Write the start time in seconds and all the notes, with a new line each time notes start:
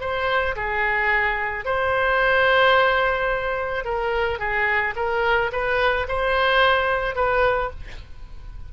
0.00 C5
0.56 G#4
1.65 C5
3.84 A#4
4.39 G#4
4.96 A#4
5.52 B4
6.08 C5
7.15 B4